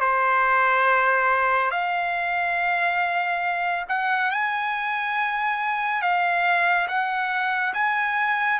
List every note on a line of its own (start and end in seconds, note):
0.00 1.71 C5
1.71 3.85 F5
3.88 4.31 F#5
4.31 6.02 G#5
6.02 6.87 F5
6.87 7.73 F#5
7.73 8.59 G#5